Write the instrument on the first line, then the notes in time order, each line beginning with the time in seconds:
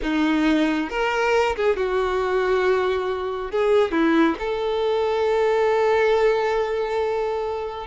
violin
0.02 D#4
0.90 A#4
1.56 G#4
1.76 F#4
3.51 G#4
3.91 E4
4.39 A4